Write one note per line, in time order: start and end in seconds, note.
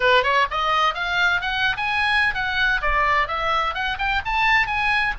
0.00 0.23 B4
0.23 0.46 C#5
0.50 0.94 D#5
0.94 1.41 F5
1.41 1.76 F#5
1.76 2.34 G#5
2.34 2.81 F#5
2.81 3.27 D5
3.27 3.74 E5
3.74 3.97 F#5
3.98 4.21 G5
4.25 4.66 A5
4.66 5.13 G#5